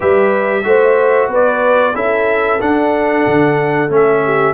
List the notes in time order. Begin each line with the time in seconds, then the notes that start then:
0.00 G3 G4 B4 E5
0.63 A3 F#4 C5
1.28 B3 B4
1.34 D5
1.94 C#4 E4 A4 E5
2.60 D4 F#5
3.26 D3
3.89 A3 C#4 E5
4.24 G4